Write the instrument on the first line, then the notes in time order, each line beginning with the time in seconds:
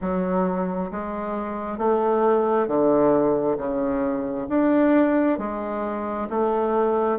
bassoon
0.01 F#3
0.91 G#3
1.77 A3
2.67 D3
3.57 C#3
4.48 D4
5.38 G#3
6.29 A3